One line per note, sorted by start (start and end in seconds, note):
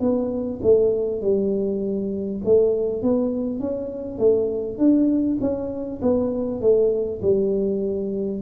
0.00 0.60 B3
0.63 1.22 A3
1.22 2.42 G3
2.44 3.02 A3
3.02 3.59 B3
3.59 4.18 C#4
4.18 4.78 A3
4.78 5.38 D4
5.41 6.01 C#4
6.02 6.62 B3
6.62 7.22 A3
7.22 8.42 G3